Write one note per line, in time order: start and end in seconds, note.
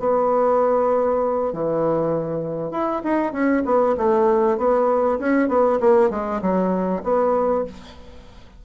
0.00 1.53 B3
1.53 2.72 E3
2.72 3.02 E4
3.04 3.33 D#4
3.33 3.63 C#4
3.65 3.96 B3
3.97 4.58 A3
4.58 5.19 B3
5.20 5.49 C#4
5.49 5.79 B3
5.81 6.10 A#3
6.10 6.41 G#3
6.42 7.03 F#3
7.04 7.65 B3